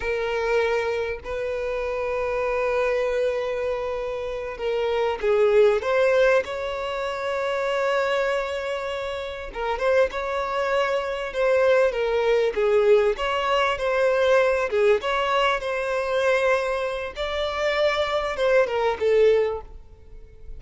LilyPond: \new Staff \with { instrumentName = "violin" } { \time 4/4 \tempo 4 = 98 ais'2 b'2~ | b'2.~ b'8 ais'8~ | ais'8 gis'4 c''4 cis''4.~ | cis''2.~ cis''8 ais'8 |
c''8 cis''2 c''4 ais'8~ | ais'8 gis'4 cis''4 c''4. | gis'8 cis''4 c''2~ c''8 | d''2 c''8 ais'8 a'4 | }